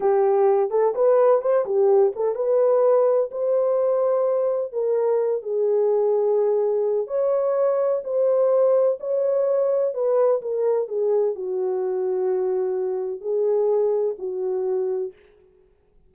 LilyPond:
\new Staff \with { instrumentName = "horn" } { \time 4/4 \tempo 4 = 127 g'4. a'8 b'4 c''8 g'8~ | g'8 a'8 b'2 c''4~ | c''2 ais'4. gis'8~ | gis'2. cis''4~ |
cis''4 c''2 cis''4~ | cis''4 b'4 ais'4 gis'4 | fis'1 | gis'2 fis'2 | }